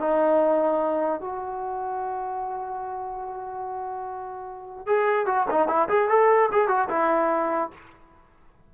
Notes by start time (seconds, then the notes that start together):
0.00 D#4
1.21 F#4
4.87 G#4
5.26 F#4
5.51 D#4
5.68 E4
5.89 G#4
6.09 A4
6.52 G#4
6.68 F#4
6.89 E4